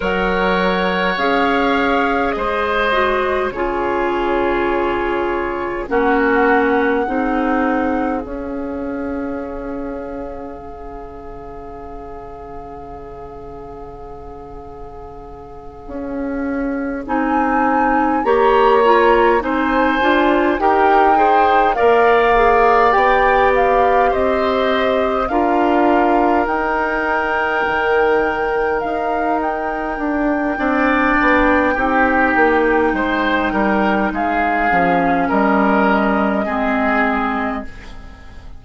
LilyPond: <<
  \new Staff \with { instrumentName = "flute" } { \time 4/4 \tempo 4 = 51 fis''4 f''4 dis''4 cis''4~ | cis''4 fis''2 f''4~ | f''1~ | f''2~ f''8 gis''4 ais''8~ |
ais''8 gis''4 g''4 f''4 g''8 | f''8 dis''4 f''4 g''4.~ | g''8 f''8 g''2.~ | g''4 f''4 dis''2 | }
  \new Staff \with { instrumentName = "oboe" } { \time 4/4 cis''2 c''4 gis'4~ | gis'4 fis'4 gis'2~ | gis'1~ | gis'2.~ gis'8 cis''8~ |
cis''8 c''4 ais'8 c''8 d''4.~ | d''8 c''4 ais'2~ ais'8~ | ais'2 d''4 g'4 | c''8 ais'8 gis'4 ais'4 gis'4 | }
  \new Staff \with { instrumentName = "clarinet" } { \time 4/4 ais'4 gis'4. fis'8 f'4~ | f'4 cis'4 dis'4 cis'4~ | cis'1~ | cis'2~ cis'8 dis'4 g'8 |
f'8 dis'8 f'8 g'8 gis'8 ais'8 gis'8 g'8~ | g'4. f'4 dis'4.~ | dis'2 d'4 dis'4~ | dis'4. cis'4. c'4 | }
  \new Staff \with { instrumentName = "bassoon" } { \time 4/4 fis4 cis'4 gis4 cis4~ | cis4 ais4 c'4 cis'4~ | cis'4 cis2.~ | cis4. cis'4 c'4 ais8~ |
ais8 c'8 d'8 dis'4 ais4 b8~ | b8 c'4 d'4 dis'4 dis8~ | dis8 dis'4 d'8 c'8 b8 c'8 ais8 | gis8 g8 gis8 f8 g4 gis4 | }
>>